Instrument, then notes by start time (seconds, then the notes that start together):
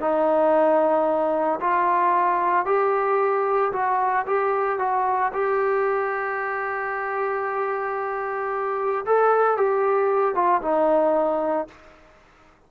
trombone
0.00 D#4
1.60 F4
2.65 G4
3.72 F#4
4.26 G4
4.79 F#4
5.33 G4
9.05 A4
9.57 G4
10.34 F4
10.61 D#4